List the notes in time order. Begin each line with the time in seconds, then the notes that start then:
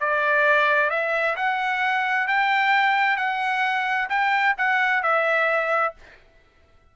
0.00 D5
0.90 E5
1.36 F#5
2.28 G5
3.17 F#5
4.09 G5
4.57 F#5
5.03 E5